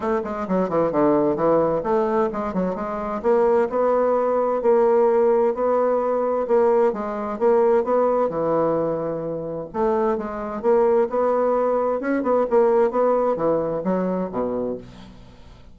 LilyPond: \new Staff \with { instrumentName = "bassoon" } { \time 4/4 \tempo 4 = 130 a8 gis8 fis8 e8 d4 e4 | a4 gis8 fis8 gis4 ais4 | b2 ais2 | b2 ais4 gis4 |
ais4 b4 e2~ | e4 a4 gis4 ais4 | b2 cis'8 b8 ais4 | b4 e4 fis4 b,4 | }